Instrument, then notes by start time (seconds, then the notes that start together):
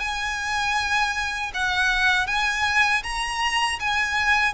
violin
0.00 G#5
1.54 F#5
2.27 G#5
3.03 A#5
3.80 G#5